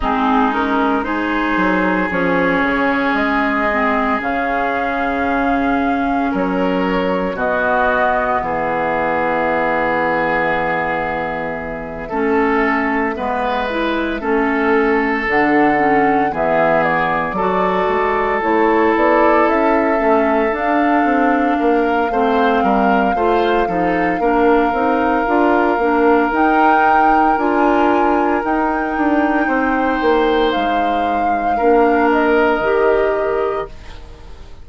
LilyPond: <<
  \new Staff \with { instrumentName = "flute" } { \time 4/4 \tempo 4 = 57 gis'8 ais'8 c''4 cis''4 dis''4 | f''2 cis''4 dis''4 | e''1~ | e''2~ e''8 fis''4 e''8 |
d''4. cis''8 d''8 e''4 f''8~ | f''1~ | f''4 g''4 gis''4 g''4~ | g''4 f''4. dis''4. | }
  \new Staff \with { instrumentName = "oboe" } { \time 4/4 dis'4 gis'2.~ | gis'2 ais'4 fis'4 | gis'2.~ gis'8 a'8~ | a'8 b'4 a'2 gis'8~ |
gis'8 a'2.~ a'8~ | a'8 ais'8 c''8 ais'8 c''8 a'8 ais'4~ | ais'1 | c''2 ais'2 | }
  \new Staff \with { instrumentName = "clarinet" } { \time 4/4 c'8 cis'8 dis'4 cis'4. c'8 | cis'2. b4~ | b2.~ b8 cis'8~ | cis'8 b8 e'8 cis'4 d'8 cis'8 b8~ |
b8 fis'4 e'4. cis'8 d'8~ | d'4 c'4 f'8 dis'8 d'8 dis'8 | f'8 d'8 dis'4 f'4 dis'4~ | dis'2 d'4 g'4 | }
  \new Staff \with { instrumentName = "bassoon" } { \time 4/4 gis4. fis8 f8 cis8 gis4 | cis2 fis4 b,4 | e2.~ e8 a8~ | a8 gis4 a4 d4 e8~ |
e8 fis8 gis8 a8 b8 cis'8 a8 d'8 | c'8 ais8 a8 g8 a8 f8 ais8 c'8 | d'8 ais8 dis'4 d'4 dis'8 d'8 | c'8 ais8 gis4 ais4 dis4 | }
>>